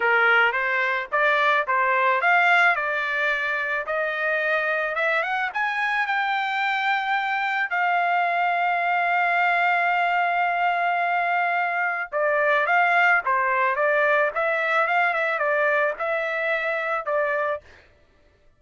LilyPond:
\new Staff \with { instrumentName = "trumpet" } { \time 4/4 \tempo 4 = 109 ais'4 c''4 d''4 c''4 | f''4 d''2 dis''4~ | dis''4 e''8 fis''8 gis''4 g''4~ | g''2 f''2~ |
f''1~ | f''2 d''4 f''4 | c''4 d''4 e''4 f''8 e''8 | d''4 e''2 d''4 | }